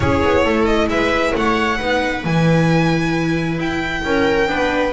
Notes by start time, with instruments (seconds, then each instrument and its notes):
0.00 double bass C#4, viola E4 G#4, violin C#5
0.24 double bass B3
0.44 double bass A3, viola A4
0.65 violin D#5
0.87 double bass G#3, viola B4, violin E5
1.35 double bass A3, viola C#5, violin F#5
1.76 double bass B3, viola D#4 B4
2.24 double bass E3, viola E4, violin G#5
3.57 double bass E4, violin G5
4.04 double bass C#4, viola A#4
4.47 double bass B3, viola D4 B4